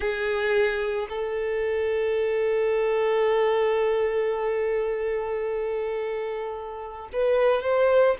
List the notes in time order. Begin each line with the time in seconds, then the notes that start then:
0.00 G#4
1.09 A4
7.12 B4
7.62 C5